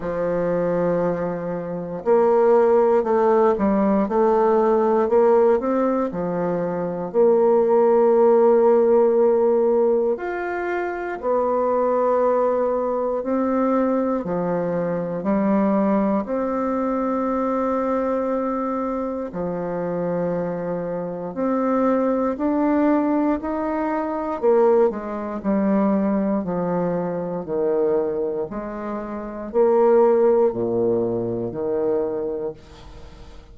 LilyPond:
\new Staff \with { instrumentName = "bassoon" } { \time 4/4 \tempo 4 = 59 f2 ais4 a8 g8 | a4 ais8 c'8 f4 ais4~ | ais2 f'4 b4~ | b4 c'4 f4 g4 |
c'2. f4~ | f4 c'4 d'4 dis'4 | ais8 gis8 g4 f4 dis4 | gis4 ais4 ais,4 dis4 | }